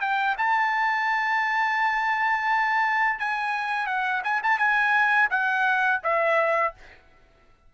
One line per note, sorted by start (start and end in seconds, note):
0.00 0.35 G5
0.38 3.19 A5
3.19 3.86 G#5
3.86 4.22 F#5
4.23 4.41 G#5
4.42 4.58 A5
4.58 5.29 G#5
5.30 6.01 F#5
6.03 6.73 E5